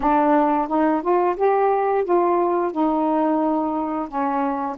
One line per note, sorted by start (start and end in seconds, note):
0.00 0.68 D4
0.68 1.02 D#4
1.02 1.36 F4
1.36 2.04 G4
2.04 2.72 F4
2.72 4.08 D#4
4.08 4.76 C#4